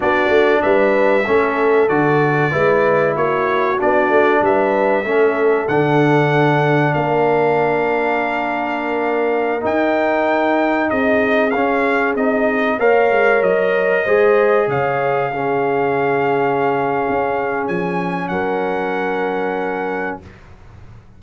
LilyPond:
<<
  \new Staff \with { instrumentName = "trumpet" } { \time 4/4 \tempo 4 = 95 d''4 e''2 d''4~ | d''4 cis''4 d''4 e''4~ | e''4 fis''2 f''4~ | f''2.~ f''16 g''8.~ |
g''4~ g''16 dis''4 f''4 dis''8.~ | dis''16 f''4 dis''2 f''8.~ | f''1 | gis''4 fis''2. | }
  \new Staff \with { instrumentName = "horn" } { \time 4/4 fis'4 b'4 a'2 | b'4 fis'2 b'4 | a'2. ais'4~ | ais'1~ |
ais'4~ ais'16 gis'2~ gis'8.~ | gis'16 cis''2 c''4 cis''8.~ | cis''16 gis'2.~ gis'8.~ | gis'4 ais'2. | }
  \new Staff \with { instrumentName = "trombone" } { \time 4/4 d'2 cis'4 fis'4 | e'2 d'2 | cis'4 d'2.~ | d'2.~ d'16 dis'8.~ |
dis'2~ dis'16 cis'4 dis'8.~ | dis'16 ais'2 gis'4.~ gis'16~ | gis'16 cis'2.~ cis'8.~ | cis'1 | }
  \new Staff \with { instrumentName = "tuba" } { \time 4/4 b8 a8 g4 a4 d4 | gis4 ais4 b8 a8 g4 | a4 d2 ais4~ | ais2.~ ais16 dis'8.~ |
dis'4~ dis'16 c'4 cis'4 c'8.~ | c'16 ais8 gis8 fis4 gis4 cis8.~ | cis2. cis'4 | f4 fis2. | }
>>